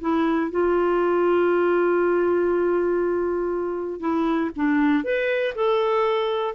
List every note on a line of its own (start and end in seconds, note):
0.00 0.50 E4
0.50 3.99 F4
3.99 4.50 E4
4.56 5.04 D4
5.04 5.54 B4
5.55 6.54 A4